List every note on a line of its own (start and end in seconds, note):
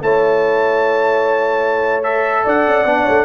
0.00 2.45 A3
0.00 2.03 E4
0.00 2.44 C#5
0.00 2.03 A5
2.03 2.85 A4
2.03 2.44 E5
2.44 2.66 D4
2.44 3.03 D5
2.44 3.25 F#5
2.66 2.84 C#4
2.84 3.05 B3
2.84 3.25 D4
3.03 3.25 A3
3.03 3.23 C#5